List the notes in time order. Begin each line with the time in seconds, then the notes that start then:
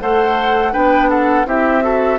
0.00 A3 A4 C5 F#5
0.72 B3 D4 B4 G5
1.10 A4 F#5
1.45 C4 E4 G4 E5
1.82 F#4 A4